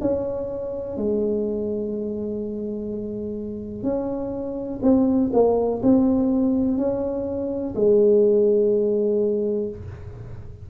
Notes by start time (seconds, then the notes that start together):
0.00 C#4
0.96 G#3
3.82 C#4
4.82 C4
5.32 A#3
5.82 C4
6.77 C#4
7.75 G#3